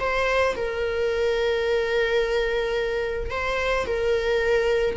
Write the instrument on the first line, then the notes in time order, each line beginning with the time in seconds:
viola
0.00 C5
0.56 A#4
3.31 C5
3.87 A#4